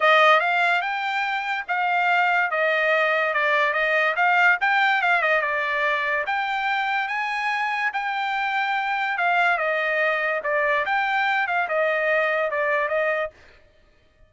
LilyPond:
\new Staff \with { instrumentName = "trumpet" } { \time 4/4 \tempo 4 = 144 dis''4 f''4 g''2 | f''2 dis''2 | d''4 dis''4 f''4 g''4 | f''8 dis''8 d''2 g''4~ |
g''4 gis''2 g''4~ | g''2 f''4 dis''4~ | dis''4 d''4 g''4. f''8 | dis''2 d''4 dis''4 | }